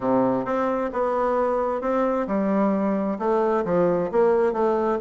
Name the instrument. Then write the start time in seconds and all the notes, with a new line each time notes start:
bassoon
0.00 C3
0.45 C4
0.92 B3
1.81 C4
2.27 G3
3.18 A3
3.64 F3
4.11 A#3
4.52 A3